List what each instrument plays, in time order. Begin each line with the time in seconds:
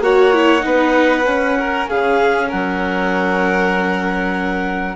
0.00 bassoon A#3, viola F#4, violin C#5, clarinet F#5
0.33 viola E4
0.60 bassoon B3, viola D#4, violin B4
1.24 viola C#4, bassoon C#4
1.59 violin A#4
1.88 bassoon C#3, violin G#4, clarinet F5
2.48 bassoon F#3, violin A#4, clarinet F#5